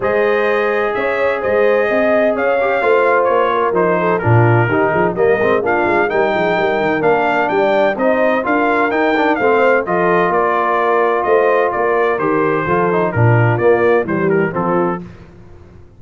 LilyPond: <<
  \new Staff \with { instrumentName = "trumpet" } { \time 4/4 \tempo 4 = 128 dis''2 e''4 dis''4~ | dis''4 f''2 cis''4 | c''4 ais'2 dis''4 | f''4 g''2 f''4 |
g''4 dis''4 f''4 g''4 | f''4 dis''4 d''2 | dis''4 d''4 c''2 | ais'4 d''4 c''8 ais'8 a'4 | }
  \new Staff \with { instrumentName = "horn" } { \time 4/4 c''2 cis''4 c''4 | dis''4 cis''4 c''4. ais'8~ | ais'8 a'8 f'4 g'8 gis'8 ais'4 | f'4 ais'8 gis'8 ais'2 |
d''4 c''4 ais'2 | c''4 a'4 ais'2 | c''4 ais'2 a'4 | f'2 g'4 f'4 | }
  \new Staff \with { instrumentName = "trombone" } { \time 4/4 gis'1~ | gis'4. g'8 f'2 | dis'4 d'4 dis'4 ais8 c'8 | d'4 dis'2 d'4~ |
d'4 dis'4 f'4 dis'8 d'8 | c'4 f'2.~ | f'2 g'4 f'8 dis'8 | d'4 ais4 g4 c'4 | }
  \new Staff \with { instrumentName = "tuba" } { \time 4/4 gis2 cis'4 gis4 | c'4 cis'4 a4 ais4 | f4 ais,4 dis8 f8 g8 gis8 | ais8 gis8 g8 f8 g8 dis8 ais4 |
g4 c'4 d'4 dis'4 | a4 f4 ais2 | a4 ais4 dis4 f4 | ais,4 ais4 e4 f4 | }
>>